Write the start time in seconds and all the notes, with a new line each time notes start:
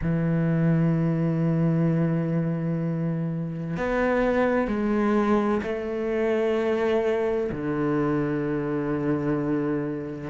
0.01 E3
3.76 B3
4.67 G#3
5.62 A3
7.51 D3